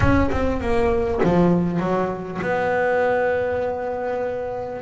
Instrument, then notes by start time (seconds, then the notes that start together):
double bass
0.00 C#4
0.31 C4
0.61 A#3
1.23 F3
1.79 F#3
2.41 B3